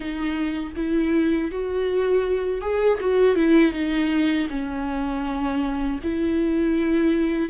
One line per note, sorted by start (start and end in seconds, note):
0.00 0.72 D#4
0.76 1.51 E4
1.51 2.61 F#4
2.61 2.98 G#4
3.00 3.35 F#4
3.35 3.72 E4
3.72 4.47 D#4
4.49 5.99 C#4
6.03 7.49 E4